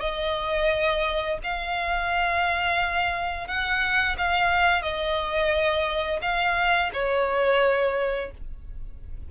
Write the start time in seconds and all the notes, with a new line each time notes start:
0.00 D#5
1.43 F5
3.47 F#5
4.18 F5
4.82 D#5
6.22 F5
6.93 C#5